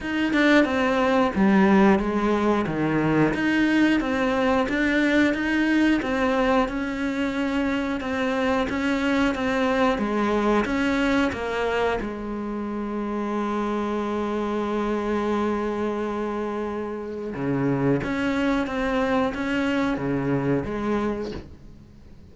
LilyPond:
\new Staff \with { instrumentName = "cello" } { \time 4/4 \tempo 4 = 90 dis'8 d'8 c'4 g4 gis4 | dis4 dis'4 c'4 d'4 | dis'4 c'4 cis'2 | c'4 cis'4 c'4 gis4 |
cis'4 ais4 gis2~ | gis1~ | gis2 cis4 cis'4 | c'4 cis'4 cis4 gis4 | }